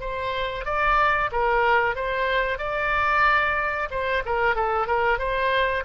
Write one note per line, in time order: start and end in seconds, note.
0.00 0.65 C5
0.65 1.30 D5
1.31 1.95 A#4
1.95 2.58 C5
2.58 3.88 D5
3.90 4.23 C5
4.25 4.55 A#4
4.55 4.87 A4
4.87 5.18 A#4
5.18 5.84 C5